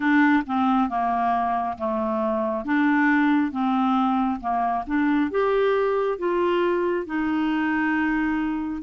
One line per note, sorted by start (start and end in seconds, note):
0.00 0.43 D4
0.46 0.89 C4
0.89 1.77 A#3
1.78 2.64 A3
2.64 3.51 D4
3.51 4.40 C4
4.40 4.84 A#3
4.86 5.30 D4
5.30 6.18 G4
6.18 7.06 F4
7.06 8.82 D#4